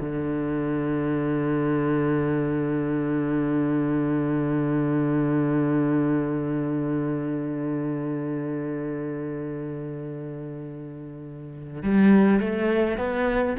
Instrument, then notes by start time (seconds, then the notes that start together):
cello
0.00 D3
11.83 G3
12.40 A3
12.98 B3